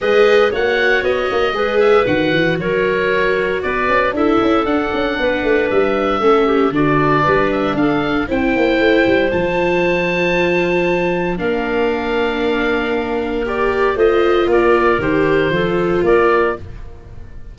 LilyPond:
<<
  \new Staff \with { instrumentName = "oboe" } { \time 4/4 \tempo 4 = 116 dis''4 fis''4 dis''4. e''8 | fis''4 cis''2 d''4 | e''4 fis''2 e''4~ | e''4 d''4. e''8 f''4 |
g''2 a''2~ | a''2 f''2~ | f''2 d''4 dis''4 | d''4 c''2 d''4 | }
  \new Staff \with { instrumentName = "clarinet" } { \time 4/4 b'4 cis''2 b'4~ | b'4 ais'2 b'4 | a'2 b'2 | a'8 g'8 fis'4 b'4 a'4 |
c''1~ | c''2 ais'2~ | ais'2. c''4 | ais'2 a'4 ais'4 | }
  \new Staff \with { instrumentName = "viola" } { \time 4/4 gis'4 fis'2 gis'4 | fis'1 | e'4 d'2. | cis'4 d'2. |
e'2 f'2~ | f'2 d'2~ | d'2 g'4 f'4~ | f'4 g'4 f'2 | }
  \new Staff \with { instrumentName = "tuba" } { \time 4/4 gis4 ais4 b8 ais8 gis4 | dis8 e8 fis2 b8 cis'8 | d'8 cis'8 d'8 cis'8 b8 a8 g4 | a4 d4 g4 d'4 |
c'8 ais8 a8 g8 f2~ | f2 ais2~ | ais2. a4 | ais4 dis4 f4 ais4 | }
>>